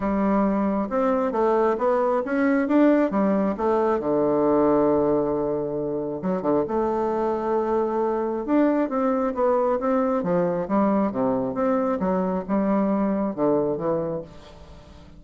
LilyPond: \new Staff \with { instrumentName = "bassoon" } { \time 4/4 \tempo 4 = 135 g2 c'4 a4 | b4 cis'4 d'4 g4 | a4 d2.~ | d2 fis8 d8 a4~ |
a2. d'4 | c'4 b4 c'4 f4 | g4 c4 c'4 fis4 | g2 d4 e4 | }